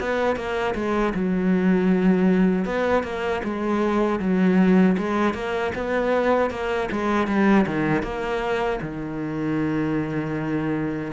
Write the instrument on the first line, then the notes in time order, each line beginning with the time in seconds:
cello
0.00 B3
0.36 A#3
0.75 G#3
1.15 F#3
2.65 B3
3.03 A#3
3.44 G#3
4.20 F#3
4.98 G#3
5.34 A#3
5.75 B3
6.51 A#3
6.92 G#3
7.27 G3
7.67 D#3
8.03 A#3
8.82 D#3